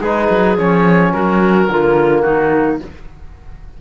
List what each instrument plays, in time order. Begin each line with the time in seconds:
0.00 cello G#3, trombone D#4, clarinet G#4, oboe B4
0.31 cello F#3
0.58 cello F3, trombone C#4, oboe C#5
1.13 cello F#3, clarinet F#4, oboe A#4
1.69 cello D3, trombone A#3, clarinet F4
2.22 cello D#3, clarinet D#4, oboe F#4